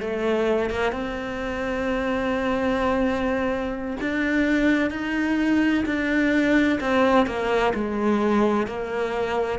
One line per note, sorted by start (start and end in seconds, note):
0.00 0.69 A3
0.69 0.92 A#3
0.92 3.96 C4
4.00 4.90 D4
4.90 5.84 D#4
5.85 6.79 D4
6.80 7.26 C4
7.26 7.73 A#3
7.73 8.66 G#3
8.66 9.59 A#3